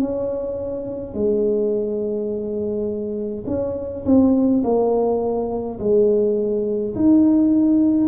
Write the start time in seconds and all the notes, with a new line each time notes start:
0.00 C#4
1.14 G#3
3.47 C#4
4.05 C4
4.63 A#3
5.79 G#3
6.95 D#4